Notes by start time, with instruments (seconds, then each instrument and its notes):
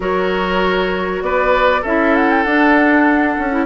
0.00 bassoon F#3, clarinet F#4, oboe A#4, flute C#5
1.21 bassoon B3, oboe B4, flute D5
1.81 bassoon C#4, clarinet E4, oboe A4, flute E5
2.15 flute F#5
2.30 flute G5
2.43 bassoon D4, clarinet D4, flute F#5
3.38 bassoon C#4
3.51 clarinet E4